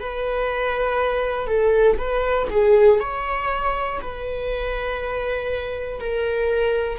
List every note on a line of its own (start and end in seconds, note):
0.00 1.48 B4
1.48 1.98 A4
1.98 2.48 B4
2.51 3.00 G#4
3.00 4.00 C#5
4.01 6.00 B4
6.00 6.99 A#4